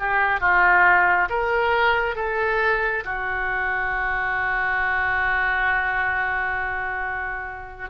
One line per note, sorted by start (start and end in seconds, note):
0.00 0.41 G4
0.41 1.29 F4
1.30 2.16 A#4
2.16 3.04 A4
3.05 7.90 F#4